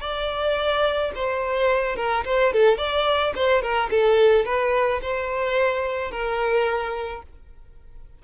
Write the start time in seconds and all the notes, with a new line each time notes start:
0.00 D5
1.15 C5
1.96 A#4
2.24 C5
2.52 A4
2.77 D5
3.35 C5
3.61 A#4
3.90 A4
4.45 B4
5.01 C5
6.11 A#4